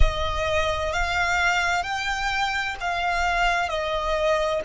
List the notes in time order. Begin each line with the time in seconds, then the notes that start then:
0.00 D#5
0.92 F5
1.83 G5
2.80 F5
3.68 D#5